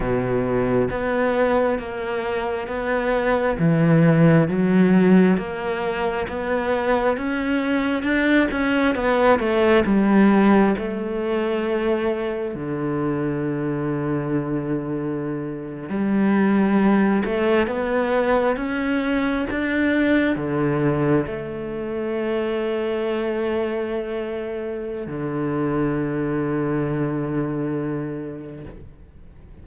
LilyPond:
\new Staff \with { instrumentName = "cello" } { \time 4/4 \tempo 4 = 67 b,4 b4 ais4 b4 | e4 fis4 ais4 b4 | cis'4 d'8 cis'8 b8 a8 g4 | a2 d2~ |
d4.~ d16 g4. a8 b16~ | b8. cis'4 d'4 d4 a16~ | a1 | d1 | }